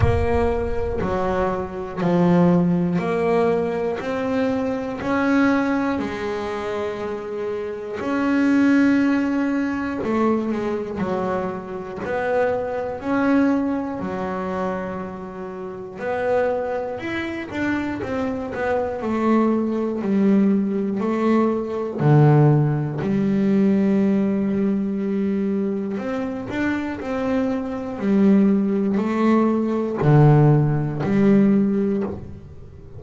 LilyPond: \new Staff \with { instrumentName = "double bass" } { \time 4/4 \tempo 4 = 60 ais4 fis4 f4 ais4 | c'4 cis'4 gis2 | cis'2 a8 gis8 fis4 | b4 cis'4 fis2 |
b4 e'8 d'8 c'8 b8 a4 | g4 a4 d4 g4~ | g2 c'8 d'8 c'4 | g4 a4 d4 g4 | }